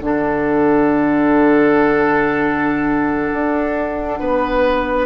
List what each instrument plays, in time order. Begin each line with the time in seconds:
0.00 bassoon D3, clarinet D4, oboe A4, flute F#5
3.33 bassoon D4
4.19 bassoon B3, oboe B4